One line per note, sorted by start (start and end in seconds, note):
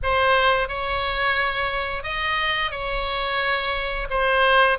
0.02 0.68 C5
0.68 2.03 C#5
2.03 2.71 D#5
2.71 4.07 C#5
4.09 4.78 C5